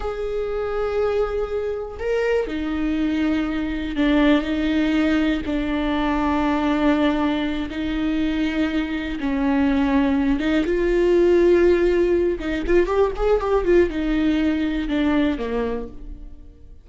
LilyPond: \new Staff \with { instrumentName = "viola" } { \time 4/4 \tempo 4 = 121 gis'1 | ais'4 dis'2. | d'4 dis'2 d'4~ | d'2.~ d'8 dis'8~ |
dis'2~ dis'8 cis'4.~ | cis'4 dis'8 f'2~ f'8~ | f'4 dis'8 f'8 g'8 gis'8 g'8 f'8 | dis'2 d'4 ais4 | }